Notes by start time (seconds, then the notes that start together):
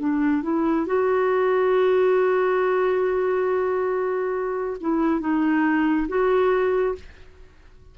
0.00 D4
0.43 E4
0.87 F#4
4.81 E4
5.21 D#4
6.09 F#4